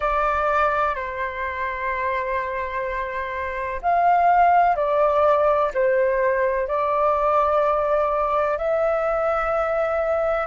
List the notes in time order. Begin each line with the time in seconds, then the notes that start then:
0.00 D5
0.95 C5
3.81 F5
4.76 D5
5.74 C5
6.67 D5
8.57 E5